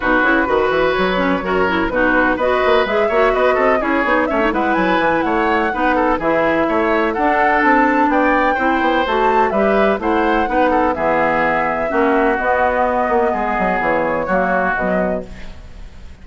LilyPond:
<<
  \new Staff \with { instrumentName = "flute" } { \time 4/4 \tempo 4 = 126 b'2 cis''2 | b'4 dis''4 e''4 dis''4 | cis''4 e''8 fis''8 gis''4 fis''4~ | fis''4 e''2 fis''4 |
a''4 g''2 a''4 | e''4 fis''2 e''4~ | e''2 dis''2~ | dis''4 cis''2 dis''4 | }
  \new Staff \with { instrumentName = "oboe" } { \time 4/4 fis'4 b'2 ais'4 | fis'4 b'4. cis''8 b'8 a'8 | gis'4 cis''8 b'4. cis''4 | b'8 a'8 gis'4 cis''4 a'4~ |
a'4 d''4 c''2 | b'4 c''4 b'8 a'8 gis'4~ | gis'4 fis'2. | gis'2 fis'2 | }
  \new Staff \with { instrumentName = "clarinet" } { \time 4/4 dis'8 e'8 fis'4. cis'8 fis'8 e'8 | dis'4 fis'4 gis'8 fis'4. | e'8 dis'8 cis'16 dis'16 e'2~ e'8 | dis'4 e'2 d'4~ |
d'2 e'4 fis'4 | g'4 e'4 dis'4 b4~ | b4 cis'4 b2~ | b2 ais4 fis4 | }
  \new Staff \with { instrumentName = "bassoon" } { \time 4/4 b,8 cis8 dis8 e8 fis4 fis,4 | b,4 b8 ais8 gis8 ais8 b8 c'8 | cis'8 b8 a8 gis8 fis8 e8 a4 | b4 e4 a4 d'4 |
c'4 b4 c'8 b8 a4 | g4 a4 b4 e4~ | e4 ais4 b4. ais8 | gis8 fis8 e4 fis4 b,4 | }
>>